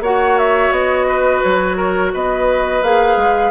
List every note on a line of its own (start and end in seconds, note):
0.00 0.70 A#3
0.00 2.83 F#4
0.00 1.07 C#5
0.00 0.38 F#5
0.38 0.72 E5
0.71 1.40 B3
0.71 1.42 D#5
1.07 1.77 B4
1.43 2.14 F#3
1.43 2.12 C#5
1.77 2.11 A#4
2.13 2.82 B3
2.13 3.51 B4
2.13 2.83 D#5
2.82 3.16 A#3
2.82 3.51 G#4
2.82 3.51 F5
3.16 3.51 G#3